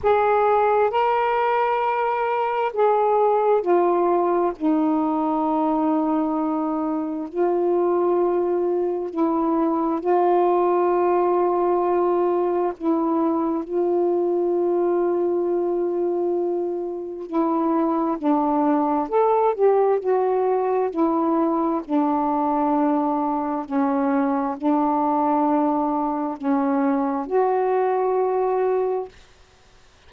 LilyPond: \new Staff \with { instrumentName = "saxophone" } { \time 4/4 \tempo 4 = 66 gis'4 ais'2 gis'4 | f'4 dis'2. | f'2 e'4 f'4~ | f'2 e'4 f'4~ |
f'2. e'4 | d'4 a'8 g'8 fis'4 e'4 | d'2 cis'4 d'4~ | d'4 cis'4 fis'2 | }